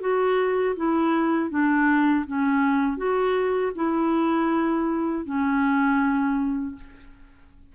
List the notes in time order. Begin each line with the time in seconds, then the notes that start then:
0.00 F#4
0.75 E4
1.50 D4
2.26 C#4
2.97 F#4
3.75 E4
5.25 C#4